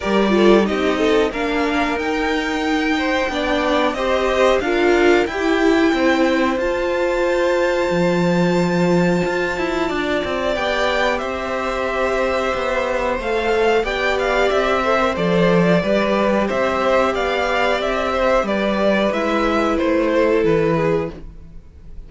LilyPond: <<
  \new Staff \with { instrumentName = "violin" } { \time 4/4 \tempo 4 = 91 d''4 dis''4 f''4 g''4~ | g''2 dis''4 f''4 | g''2 a''2~ | a''1 |
g''4 e''2. | f''4 g''8 f''8 e''4 d''4~ | d''4 e''4 f''4 e''4 | d''4 e''4 c''4 b'4 | }
  \new Staff \with { instrumentName = "violin" } { \time 4/4 ais'8 a'8 g'8 a'8 ais'2~ | ais'8 c''8 d''4 c''4 ais'4 | g'4 c''2.~ | c''2. d''4~ |
d''4 c''2.~ | c''4 d''4. c''4. | b'4 c''4 d''4. c''8 | b'2~ b'8 a'4 gis'8 | }
  \new Staff \with { instrumentName = "viola" } { \time 4/4 g'8 f'8 dis'4 d'4 dis'4~ | dis'4 d'4 g'4 f'4 | e'2 f'2~ | f'1 |
g'1 | a'4 g'4. a'16 ais'16 a'4 | g'1~ | g'4 e'2. | }
  \new Staff \with { instrumentName = "cello" } { \time 4/4 g4 c'4 ais4 dis'4~ | dis'4 b4 c'4 d'4 | e'4 c'4 f'2 | f2 f'8 e'8 d'8 c'8 |
b4 c'2 b4 | a4 b4 c'4 f4 | g4 c'4 b4 c'4 | g4 gis4 a4 e4 | }
>>